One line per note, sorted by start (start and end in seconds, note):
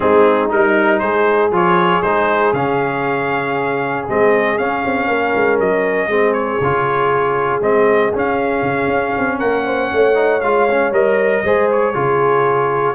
0.00 0.52 G#3
0.00 0.49 C4
0.00 1.01 D#4
0.00 0.50 G#4
0.49 1.01 G3
0.49 1.51 D#4
0.49 0.99 A#4
0.99 1.51 G#3
0.99 5.08 G#4
0.99 1.50 C5
1.51 2.01 F3
1.51 2.03 F4
1.51 2.02 C#5
2.02 2.52 G#3
2.02 2.54 D#4
2.02 2.53 C5
2.52 4.05 C#3
2.52 4.07 C#4
2.52 4.06 F5
4.07 4.59 G#3
4.07 4.58 C4
4.07 4.58 D#5
4.58 6.10 C#4
4.58 4.84 C#4
4.58 5.59 F5
4.85 5.07 C4
5.07 5.33 A#3
5.07 6.09 A#4
5.35 5.59 G#3
5.59 6.07 F#3
5.59 6.33 D#5
6.07 6.58 G#3
6.07 6.60 C4
6.07 9.38 G#4
6.33 7.60 C#5
6.60 7.60 C#3
6.60 7.61 F4
7.60 8.11 G#3
7.60 8.12 C4
7.60 8.13 D#5
8.13 10.14 C#4
8.13 8.62 C#4
8.13 9.39 F5
8.62 8.87 C#3
8.87 9.12 C#4
9.18 9.41 C4
9.38 9.92 A#3
9.38 9.63 A#4
9.38 10.40 F#5
9.66 9.91 C5
9.92 10.43 A3
9.92 11.44 C#5
10.14 10.39 D#4
10.40 10.91 G#3
10.40 10.69 F4
10.40 10.91 F5
10.70 10.92 C#4
10.91 11.42 G3
10.91 11.43 A#4
10.91 11.70 D#5
11.44 11.95 G#3
11.44 11.94 G#4
11.44 11.95 C5
11.70 12.95 C#5
11.94 12.95 C#3
11.94 12.95 F4
11.94 12.95 G#4